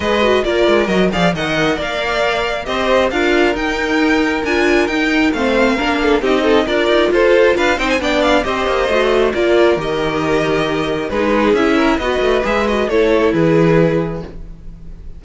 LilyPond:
<<
  \new Staff \with { instrumentName = "violin" } { \time 4/4 \tempo 4 = 135 dis''4 d''4 dis''8 f''8 fis''4 | f''2 dis''4 f''4 | g''2 gis''4 g''4 | f''2 dis''4 d''4 |
c''4 f''8 g''16 gis''16 g''8 f''8 dis''4~ | dis''4 d''4 dis''2~ | dis''4 b'4 e''4 dis''4 | e''8 dis''8 cis''4 b'2 | }
  \new Staff \with { instrumentName = "violin" } { \time 4/4 b'4 ais'4. d''8 dis''4 | d''2 c''4 ais'4~ | ais'1 | c''4 ais'8 a'8 g'8 a'8 ais'4 |
a'4 b'8 c''8 d''4 c''4~ | c''4 ais'2.~ | ais'4 gis'4. ais'8 b'4~ | b'4 a'4 gis'2 | }
  \new Staff \with { instrumentName = "viola" } { \time 4/4 gis'8 fis'8 f'4 fis'8 gis'8 ais'4~ | ais'2 g'4 f'4 | dis'2 f'4 dis'4 | c'4 d'4 dis'4 f'4~ |
f'4. dis'8 d'4 g'4 | fis'4 f'4 g'2~ | g'4 dis'4 e'4 fis'4 | gis'8 fis'8 e'2. | }
  \new Staff \with { instrumentName = "cello" } { \time 4/4 gis4 ais8 gis8 fis8 f8 dis4 | ais2 c'4 d'4 | dis'2 d'4 dis'4 | a4 ais4 c'4 d'8 dis'8 |
f'4 d'8 c'8 b4 c'8 ais8 | a4 ais4 dis2~ | dis4 gis4 cis'4 b8 a8 | gis4 a4 e2 | }
>>